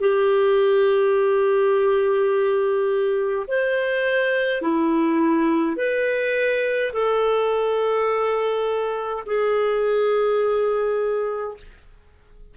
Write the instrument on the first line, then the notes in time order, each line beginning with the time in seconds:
clarinet
0.00 G4
3.47 C5
4.62 E4
5.77 B4
6.93 A4
9.26 G#4